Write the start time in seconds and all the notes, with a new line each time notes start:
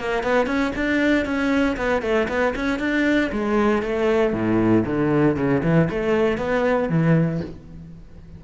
0.00 A#3
0.24 B3
0.47 C#4
0.76 D4
1.26 C#4
1.78 B3
2.02 A3
2.29 B3
2.56 C#4
2.80 D4
3.33 G#3
3.83 A3
4.34 A2
4.86 D3
5.37 C#3
5.64 E3
5.90 A3
6.38 B3
6.90 E3